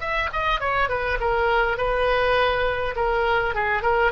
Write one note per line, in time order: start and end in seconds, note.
0.00 0.29 E5
0.33 0.60 D#5
0.60 0.89 C#5
0.89 1.18 B4
1.20 1.78 A#4
1.78 2.95 B4
2.96 3.55 A#4
3.55 3.82 G#4
3.82 4.11 A#4